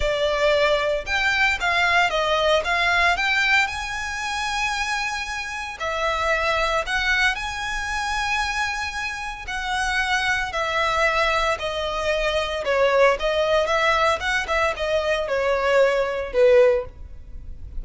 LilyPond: \new Staff \with { instrumentName = "violin" } { \time 4/4 \tempo 4 = 114 d''2 g''4 f''4 | dis''4 f''4 g''4 gis''4~ | gis''2. e''4~ | e''4 fis''4 gis''2~ |
gis''2 fis''2 | e''2 dis''2 | cis''4 dis''4 e''4 fis''8 e''8 | dis''4 cis''2 b'4 | }